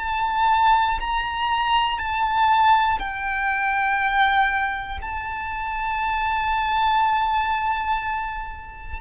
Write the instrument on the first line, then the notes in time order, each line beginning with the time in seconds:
violin
0.00 A5
1.00 A#5
1.99 A5
2.99 G5
5.02 A5